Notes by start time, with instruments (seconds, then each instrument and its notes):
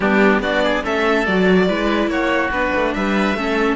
0.00 cello G3, viola B3, oboe D4, violin G4
0.39 cello B3, viola D4, oboe F#4, violin D5
0.63 oboe G#4
0.82 cello A3, viola C#4, oboe A4, violin E5
1.26 cello F#3, viola F#4, violin D5
1.67 cello G#3, viola E4, oboe B4
2.07 cello A#3, oboe F#4, violin C#5
2.50 cello B3, viola D4, violin B4
2.75 cello A3
2.93 cello G3, oboe B4, violin E5
3.34 cello A3, viola C#4, oboe A4